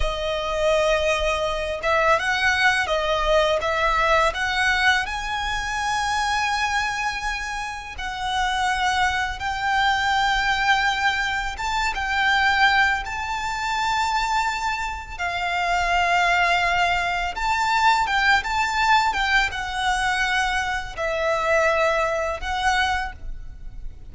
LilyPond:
\new Staff \with { instrumentName = "violin" } { \time 4/4 \tempo 4 = 83 dis''2~ dis''8 e''8 fis''4 | dis''4 e''4 fis''4 gis''4~ | gis''2. fis''4~ | fis''4 g''2. |
a''8 g''4. a''2~ | a''4 f''2. | a''4 g''8 a''4 g''8 fis''4~ | fis''4 e''2 fis''4 | }